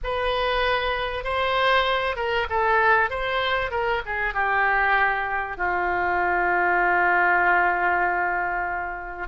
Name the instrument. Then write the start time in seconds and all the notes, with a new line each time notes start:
oboe
0.03 B4
1.24 C5
2.15 A#4
2.49 A4
3.10 C5
3.71 A#4
4.05 G#4
4.34 G4
5.57 F4